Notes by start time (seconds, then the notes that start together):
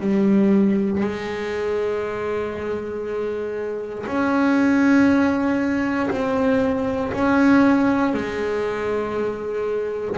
0.00 G3
1.00 G#3
4.06 C#4
6.10 C4
7.12 C#4
8.13 G#3